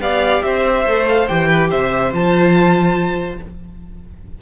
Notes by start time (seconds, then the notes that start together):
0.00 B3 G4 D5 F5
0.43 C4 C5 E5
0.87 A3 A4
1.09 F5
1.29 E3 G4 G5
1.48 B4
1.70 C3 C5 E5
2.12 F3 F4 A5